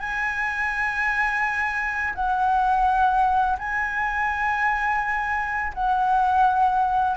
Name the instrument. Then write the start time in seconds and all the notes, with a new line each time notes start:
flute
0.00 G#5
2.15 F#5
3.59 G#5
5.75 F#5